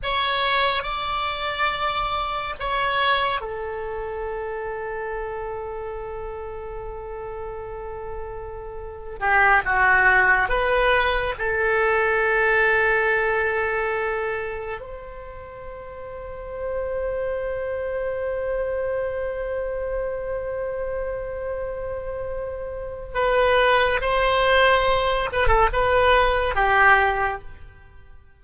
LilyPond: \new Staff \with { instrumentName = "oboe" } { \time 4/4 \tempo 4 = 70 cis''4 d''2 cis''4 | a'1~ | a'2~ a'8. g'8 fis'8.~ | fis'16 b'4 a'2~ a'8.~ |
a'4~ a'16 c''2~ c''8.~ | c''1~ | c''2. b'4 | c''4. b'16 a'16 b'4 g'4 | }